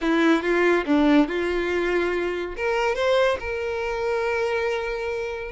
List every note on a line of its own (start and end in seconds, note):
0.01 0.42 E4
0.42 0.85 F4
0.85 1.27 D4
1.27 2.55 F4
2.56 2.95 A#4
2.95 3.37 C5
3.39 5.51 A#4